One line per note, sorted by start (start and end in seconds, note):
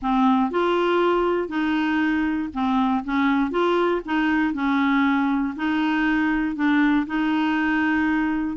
0.02 0.50 C4
0.50 1.48 F4
1.48 2.49 D#4
2.53 3.04 C4
3.04 3.50 C#4
3.50 4.01 F4
4.05 4.53 D#4
4.53 5.54 C#4
5.56 6.55 D#4
6.55 7.06 D4
7.06 8.56 D#4